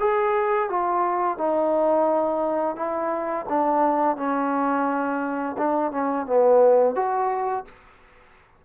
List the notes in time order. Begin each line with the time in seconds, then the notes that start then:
0.00 G#4
0.69 F4
1.38 D#4
2.76 E4
3.49 D4
4.16 C#4
5.58 D4
5.91 C#4
6.26 B3
6.95 F#4